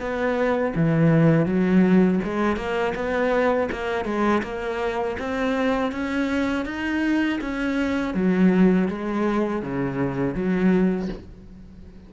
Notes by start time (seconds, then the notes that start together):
0.00 B3
0.76 E3
1.46 F#3
2.24 G#3
2.57 A#3
2.95 B3
3.72 A#3
4.05 G#3
4.43 A#3
5.19 C4
5.92 C#4
6.66 D#4
7.41 C#4
8.14 F#3
8.88 G#3
9.62 C#3
10.35 F#3